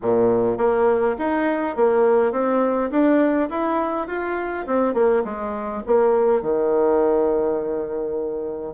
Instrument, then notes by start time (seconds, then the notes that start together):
bassoon
0.02 A#2
0.57 A#3
1.18 D#4
1.76 A#3
2.31 C4
2.90 D4
3.49 E4
4.07 F4
4.66 C4
4.94 A#3
5.24 G#3
5.86 A#3
6.42 D#3